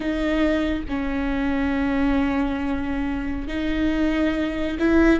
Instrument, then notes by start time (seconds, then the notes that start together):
viola
0.00 D#4
0.88 C#4
3.47 D#4
4.79 E4